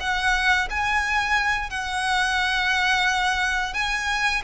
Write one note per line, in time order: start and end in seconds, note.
0.00 0.68 F#5
0.70 1.70 G#5
1.70 3.73 F#5
3.73 4.42 G#5